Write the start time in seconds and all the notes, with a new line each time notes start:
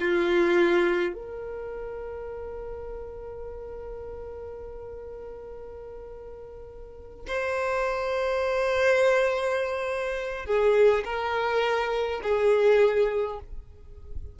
0.00 F4
1.14 A#4
7.28 C5
10.46 G#4
11.05 A#4
12.24 G#4